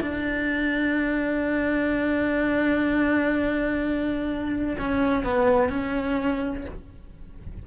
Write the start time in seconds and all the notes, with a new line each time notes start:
0.00 D4
4.78 C#4
5.24 B3
5.69 C#4